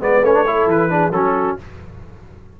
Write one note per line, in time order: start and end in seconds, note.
0.00 0.21 G#3
0.00 0.22 B3
0.00 0.47 B4
0.00 0.24 D5
0.21 0.66 A3
0.21 0.33 C#4
0.21 0.69 C#5
0.33 0.45 D4
0.46 0.89 E4
0.46 0.92 A4
0.66 1.10 E3
0.66 1.12 B4
0.89 1.12 D4
0.89 1.14 G#4
1.10 1.55 F#3
1.10 1.58 C#4
1.10 1.60 F#4
1.10 1.56 A4